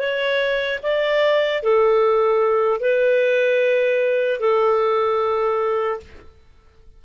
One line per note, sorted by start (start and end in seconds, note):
0.00 0.80 C#5
0.83 1.63 D5
1.63 2.81 A4
2.81 4.41 B4
4.41 6.01 A4